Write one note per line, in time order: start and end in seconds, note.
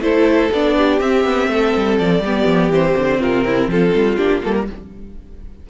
0.00 0.49 A3
0.00 0.50 E4
0.00 0.76 A4
0.00 0.51 C5
0.51 0.99 B3
0.51 1.01 D4
0.51 0.99 D5
0.76 1.50 G4
0.99 1.23 C4
0.99 2.23 C4
0.99 1.97 E5
1.23 1.47 B3
1.47 1.72 A3
1.47 2.23 A4
1.76 1.99 G3
1.98 2.19 F3
1.98 2.71 D5
2.19 2.43 G3
2.19 3.19 G4
2.25 2.72 B3
2.45 2.69 F3
2.69 2.93 E3
2.69 4.17 C4
2.69 3.21 C5
2.97 3.20 D3
3.19 3.67 C3
3.19 3.44 F4
3.19 3.70 A#4
3.46 3.70 E4
3.67 3.91 F3
3.67 4.67 F4
3.67 4.16 A4
3.94 4.17 G3
4.16 4.42 A#3
4.16 4.41 D4
4.16 4.41 G4
4.42 4.69 G3
4.42 4.66 A#3
4.42 4.54 A4
4.54 4.66 A#4